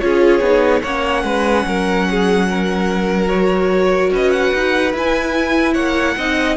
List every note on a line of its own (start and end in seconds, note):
0.00 0.40 C#4
0.00 0.42 F4
0.00 0.82 G#4
0.00 0.82 C#5
0.40 0.81 B3
0.40 0.84 D#4
0.82 1.23 A#3
0.82 3.28 C#4
0.82 1.23 C#5
0.82 3.28 F#5
1.23 1.65 G#3
1.23 1.66 B4
1.66 4.11 F#3
1.66 2.08 A#4
2.10 2.49 G#4
2.49 4.13 A#4
3.28 4.92 F#4
3.28 4.11 C#5
4.11 4.52 C#4
4.11 5.74 B4
4.11 4.31 D#5
4.31 4.92 F#5
4.53 4.93 D#4
4.93 5.75 E4
4.93 6.18 E4
4.93 5.74 G#5
5.74 6.16 A#3
5.74 6.15 C#5
5.74 6.56 F#5
6.17 6.57 C4
6.17 6.57 D#4
6.17 6.57 D#5